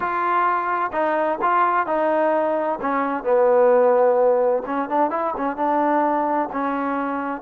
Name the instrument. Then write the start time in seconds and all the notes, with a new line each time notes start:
trombone
0.00 F4
0.92 D#4
1.41 F4
1.86 D#4
2.81 C#4
3.23 B3
4.65 C#4
4.89 D4
5.10 E4
5.36 C#4
5.56 D4
6.52 C#4